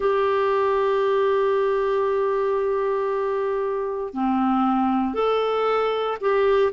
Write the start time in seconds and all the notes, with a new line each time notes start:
0.00 G4
4.13 C4
5.13 A4
6.20 G4